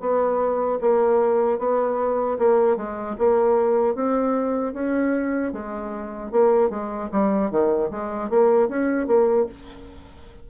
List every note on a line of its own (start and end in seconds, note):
0.00 0.79 B3
0.81 1.59 A#3
1.59 2.38 B3
2.39 2.77 A#3
2.77 3.16 G#3
3.18 3.95 A#3
3.95 4.74 C4
4.74 5.53 C#4
5.53 6.32 G#3
6.32 6.70 A#3
6.70 7.09 G#3
7.12 7.51 G3
7.51 7.90 D#3
7.91 8.30 G#3
8.30 8.68 A#3
8.68 9.07 C#4
9.07 9.46 A#3